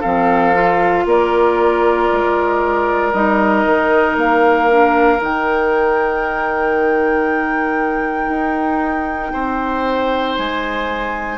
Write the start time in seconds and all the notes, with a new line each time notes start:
0.00 F3 C4 A4 F5
0.53 F4
1.05 A#3 A#4 D5
2.11 G#3
3.12 G3 D#4 D#5
3.65 D#3
4.16 A#3 F5
4.69 D4
5.17 D#3 D#4 G5
8.28 D#4
9.32 C4 C5
10.36 G#3 G#5